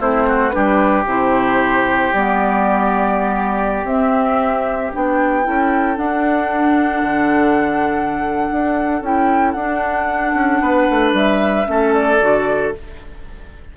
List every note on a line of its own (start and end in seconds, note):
0.00 0.53 A3
0.00 0.51 C4
0.00 0.27 E4
0.00 0.49 C5
0.28 0.54 F#4
0.49 1.06 G3
0.49 1.05 D4
0.49 5.45 G4
0.49 1.02 B4
1.06 2.12 C3
1.06 2.14 E4
1.06 2.13 C5
2.13 3.84 G3
2.13 3.86 B3
2.13 3.86 D5
3.84 4.90 C4
3.84 4.92 C4
3.84 4.92 E5
4.92 5.47 B3
4.92 5.43 D4
4.92 5.97 G5
5.43 5.97 C#4
5.43 5.96 E4
5.43 10.61 A4
5.96 9.01 D4
5.96 7.02 D4
5.96 9.03 F#5
7.02 8.48 D3
8.52 9.01 D4
9.01 9.55 C#4
9.01 9.56 E4
9.01 9.51 G5
9.51 10.34 D4
9.51 11.65 D4
9.51 11.11 F#5
10.34 10.60 C#4
10.61 10.88 B3
10.61 11.67 B4
10.90 11.13 A3
11.13 11.66 G3
11.13 11.94 E5
11.65 12.21 A3
11.65 12.18 C#4
11.65 12.77 A4
11.94 12.74 D5
12.21 12.74 D3
12.21 12.74 F#4